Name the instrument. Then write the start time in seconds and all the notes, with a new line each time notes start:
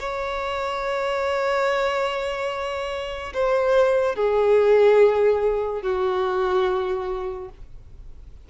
violin
0.00 C#5
3.34 C5
4.16 G#4
5.83 F#4